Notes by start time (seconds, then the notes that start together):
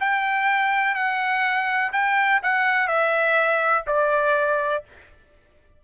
0.00 G5
0.95 F#5
1.92 G5
2.43 F#5
2.87 E5
3.86 D5